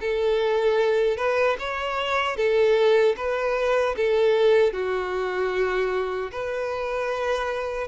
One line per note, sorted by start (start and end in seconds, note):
0.00 1.17 A4
1.17 1.56 B4
1.58 2.36 C#5
2.36 3.15 A4
3.16 3.95 B4
3.96 4.73 A4
4.73 6.31 F#4
6.31 7.87 B4